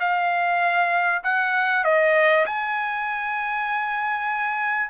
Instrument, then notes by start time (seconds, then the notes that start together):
trumpet
0.00 F5
1.24 F#5
1.85 D#5
2.46 G#5